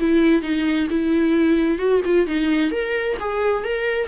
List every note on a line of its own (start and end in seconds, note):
0.00 0.42 E4
0.42 0.88 D#4
0.90 1.78 E4
1.78 2.01 F#4
2.05 2.27 F4
2.27 2.71 D#4
2.71 3.17 A#4
3.20 3.64 G#4
3.64 4.08 A#4